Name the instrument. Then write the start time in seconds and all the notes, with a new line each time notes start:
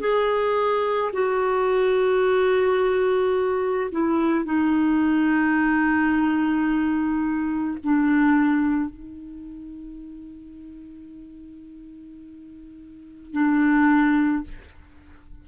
clarinet
0.00 G#4
1.13 F#4
3.91 E4
4.45 D#4
7.83 D4
8.90 D#4
13.32 D4